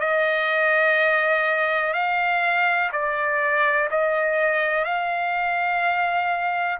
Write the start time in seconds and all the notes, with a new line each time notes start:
0.00 D#5
1.94 F5
2.92 D5
3.91 D#5
4.85 F5